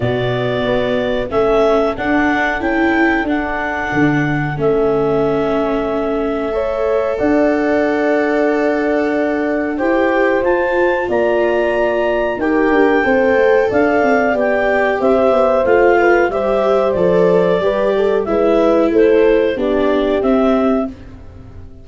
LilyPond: <<
  \new Staff \with { instrumentName = "clarinet" } { \time 4/4 \tempo 4 = 92 d''2 e''4 fis''4 | g''4 fis''2 e''4~ | e''2. fis''4~ | fis''2. g''4 |
a''4 ais''2 g''4~ | g''4 f''4 g''4 e''4 | f''4 e''4 d''2 | e''4 c''4 d''4 e''4 | }
  \new Staff \with { instrumentName = "horn" } { \time 4/4 fis'2 a'2~ | a'1~ | a'2 cis''4 d''4~ | d''2. c''4~ |
c''4 d''2 ais'4 | c''4 d''2 c''4~ | c''8 b'8 c''2 b'8 a'8 | b'4 a'4 g'2 | }
  \new Staff \with { instrumentName = "viola" } { \time 4/4 b2 cis'4 d'4 | e'4 d'2 cis'4~ | cis'2 a'2~ | a'2. g'4 |
f'2. g'4 | a'2 g'2 | f'4 g'4 a'4 g'4 | e'2 d'4 c'4 | }
  \new Staff \with { instrumentName = "tuba" } { \time 4/4 b,4 b4 a4 d'4 | cis'4 d'4 d4 a4~ | a2. d'4~ | d'2. e'4 |
f'4 ais2 dis'8 d'8 | c'8 a8 d'8 c'8 b4 c'8 b8 | a4 g4 f4 g4 | gis4 a4 b4 c'4 | }
>>